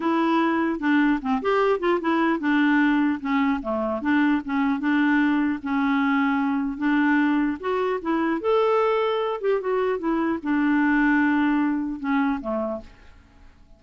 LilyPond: \new Staff \with { instrumentName = "clarinet" } { \time 4/4 \tempo 4 = 150 e'2 d'4 c'8 g'8~ | g'8 f'8 e'4 d'2 | cis'4 a4 d'4 cis'4 | d'2 cis'2~ |
cis'4 d'2 fis'4 | e'4 a'2~ a'8 g'8 | fis'4 e'4 d'2~ | d'2 cis'4 a4 | }